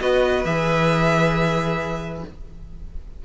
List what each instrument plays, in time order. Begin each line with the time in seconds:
0.00 cello B3, viola F#4, violin B4 D#5
0.45 cello E3, viola G#4, violin E5